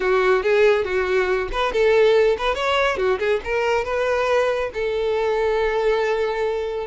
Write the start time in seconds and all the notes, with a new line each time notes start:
0.00 F#4
0.42 G#4
0.84 F#4
1.52 B4
1.72 A4
2.37 B4
2.54 C#5
2.97 F#4
3.19 G#4
3.44 A#4
3.84 B4
4.73 A4